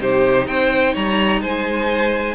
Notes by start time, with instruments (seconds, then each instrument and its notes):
0.00 cello C3, viola D#4, violin G4 C5
0.47 cello C4, violin C5 G5
0.94 cello G3, violin C#5 A#5
1.41 cello G#3, violin C5 G#5